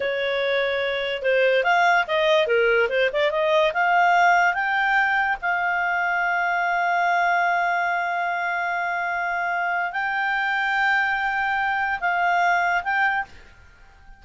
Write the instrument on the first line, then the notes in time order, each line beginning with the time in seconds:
clarinet
0.00 C#5
1.22 C5
1.63 F5
2.07 D#5
2.46 A#4
2.89 C5
3.12 D5
3.30 D#5
3.73 F5
4.54 G5
5.41 F5
9.92 G5
12.00 F5
12.83 G5